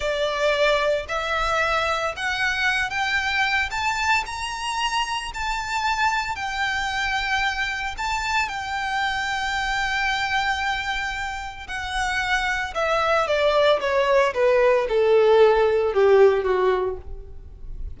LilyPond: \new Staff \with { instrumentName = "violin" } { \time 4/4 \tempo 4 = 113 d''2 e''2 | fis''4. g''4. a''4 | ais''2 a''2 | g''2. a''4 |
g''1~ | g''2 fis''2 | e''4 d''4 cis''4 b'4 | a'2 g'4 fis'4 | }